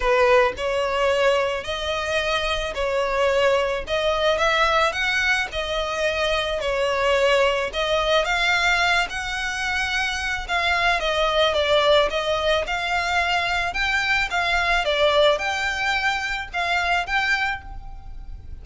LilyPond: \new Staff \with { instrumentName = "violin" } { \time 4/4 \tempo 4 = 109 b'4 cis''2 dis''4~ | dis''4 cis''2 dis''4 | e''4 fis''4 dis''2 | cis''2 dis''4 f''4~ |
f''8 fis''2~ fis''8 f''4 | dis''4 d''4 dis''4 f''4~ | f''4 g''4 f''4 d''4 | g''2 f''4 g''4 | }